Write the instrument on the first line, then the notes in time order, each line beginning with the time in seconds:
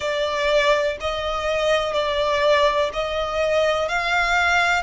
violin
0.00 D5
1.00 D#5
1.93 D5
2.93 D#5
3.88 F5